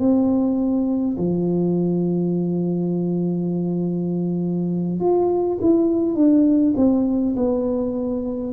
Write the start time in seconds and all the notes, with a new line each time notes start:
0.00 C4
1.18 F3
5.01 F4
5.61 E4
6.16 D4
6.77 C4
7.37 B3